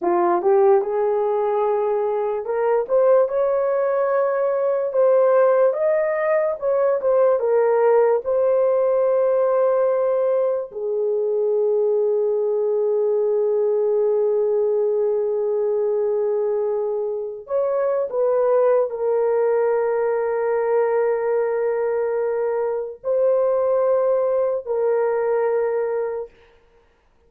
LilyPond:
\new Staff \with { instrumentName = "horn" } { \time 4/4 \tempo 4 = 73 f'8 g'8 gis'2 ais'8 c''8 | cis''2 c''4 dis''4 | cis''8 c''8 ais'4 c''2~ | c''4 gis'2.~ |
gis'1~ | gis'4~ gis'16 cis''8. b'4 ais'4~ | ais'1 | c''2 ais'2 | }